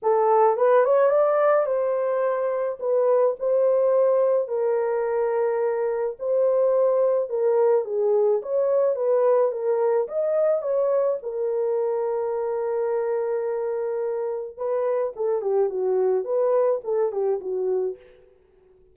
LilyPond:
\new Staff \with { instrumentName = "horn" } { \time 4/4 \tempo 4 = 107 a'4 b'8 cis''8 d''4 c''4~ | c''4 b'4 c''2 | ais'2. c''4~ | c''4 ais'4 gis'4 cis''4 |
b'4 ais'4 dis''4 cis''4 | ais'1~ | ais'2 b'4 a'8 g'8 | fis'4 b'4 a'8 g'8 fis'4 | }